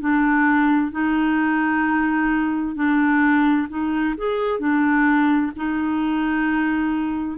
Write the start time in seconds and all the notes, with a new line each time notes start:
0.00 D4
0.91 D#4
2.76 D4
3.69 D#4
4.17 G#4
4.59 D4
5.56 D#4